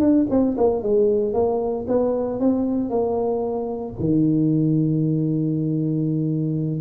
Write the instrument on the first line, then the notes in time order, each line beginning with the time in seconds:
tuba
0.00 D4
0.30 C4
0.58 A#3
0.83 G#3
1.34 A#3
1.88 B3
2.40 C4
2.90 A#3
3.99 D#3